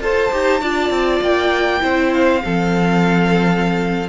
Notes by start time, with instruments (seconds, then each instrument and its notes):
0.00 cello F4, viola A4, violin C5 A5
0.31 cello D#4, viola G4
0.60 cello D4, viola F4, violin D5
0.90 cello C4
1.21 cello A#3, violin G5
1.80 cello C4, viola E4, violin C5
2.14 violin F5
2.44 cello F3, viola C4, violin A4